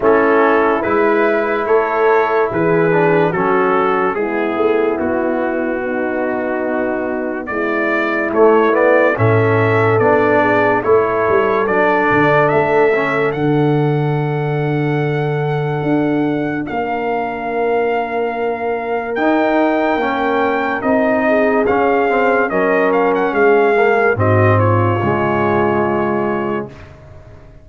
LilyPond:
<<
  \new Staff \with { instrumentName = "trumpet" } { \time 4/4 \tempo 4 = 72 a'4 b'4 cis''4 b'4 | a'4 gis'4 fis'2~ | fis'4 d''4 cis''8 d''8 e''4 | d''4 cis''4 d''4 e''4 |
fis''1 | f''2. g''4~ | g''4 dis''4 f''4 dis''8 f''16 fis''16 | f''4 dis''8 cis''2~ cis''8 | }
  \new Staff \with { instrumentName = "horn" } { \time 4/4 e'2 a'4 gis'4 | fis'4 e'2 dis'4~ | dis'4 e'2 a'4~ | a'8 gis'8 a'2.~ |
a'1 | ais'1~ | ais'4. gis'4. ais'4 | gis'4 fis'8 f'2~ f'8 | }
  \new Staff \with { instrumentName = "trombone" } { \time 4/4 cis'4 e'2~ e'8 d'8 | cis'4 b2.~ | b2 a8 b8 cis'4 | d'4 e'4 d'4. cis'8 |
d'1~ | d'2. dis'4 | cis'4 dis'4 cis'8 c'8 cis'4~ | cis'8 ais8 c'4 gis2 | }
  \new Staff \with { instrumentName = "tuba" } { \time 4/4 a4 gis4 a4 e4 | fis4 gis8 a8 b2~ | b4 gis4 a4 a,4 | b4 a8 g8 fis8 d8 a4 |
d2. d'4 | ais2. dis'4 | ais4 c'4 cis'4 fis4 | gis4 gis,4 cis2 | }
>>